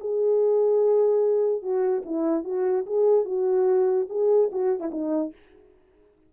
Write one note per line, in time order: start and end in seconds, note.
0.00 1.62 G#4
1.62 2.03 F#4
2.05 2.44 E4
2.44 2.85 F#4
2.86 3.25 G#4
3.25 4.07 F#4
4.09 4.50 G#4
4.51 4.80 F#4
4.80 4.90 E4
4.91 5.32 D#4